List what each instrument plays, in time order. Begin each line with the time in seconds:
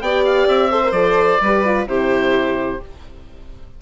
0.00 bassoon B3, horn G4, violin D5, oboe G5
0.24 oboe F5
0.47 bassoon C4, oboe E5
0.71 horn A4, violin C5
0.84 horn A#4
0.91 bassoon F3, horn A4, oboe D5
1.41 bassoon G3, horn G4, violin B4
1.65 horn F4
1.86 bassoon C3, horn E4, violin G4, oboe C5